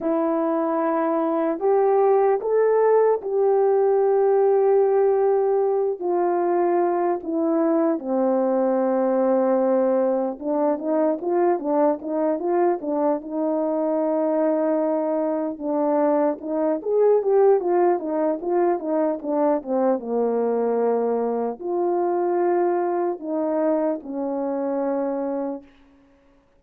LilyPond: \new Staff \with { instrumentName = "horn" } { \time 4/4 \tempo 4 = 75 e'2 g'4 a'4 | g'2.~ g'8 f'8~ | f'4 e'4 c'2~ | c'4 d'8 dis'8 f'8 d'8 dis'8 f'8 |
d'8 dis'2. d'8~ | d'8 dis'8 gis'8 g'8 f'8 dis'8 f'8 dis'8 | d'8 c'8 ais2 f'4~ | f'4 dis'4 cis'2 | }